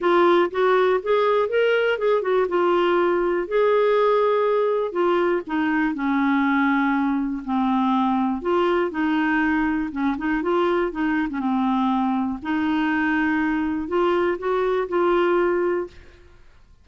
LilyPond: \new Staff \with { instrumentName = "clarinet" } { \time 4/4 \tempo 4 = 121 f'4 fis'4 gis'4 ais'4 | gis'8 fis'8 f'2 gis'4~ | gis'2 f'4 dis'4 | cis'2. c'4~ |
c'4 f'4 dis'2 | cis'8 dis'8 f'4 dis'8. cis'16 c'4~ | c'4 dis'2. | f'4 fis'4 f'2 | }